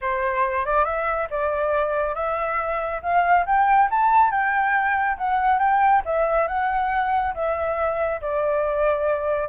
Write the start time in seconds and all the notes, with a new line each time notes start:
0.01 C5
0.65 D5
0.85 E5
1.30 D5
2.14 E5
3.02 F5
3.46 G5
3.90 A5
4.30 G5
5.17 F#5
5.58 G5
6.05 E5
6.47 F#5
7.34 E5
8.21 D5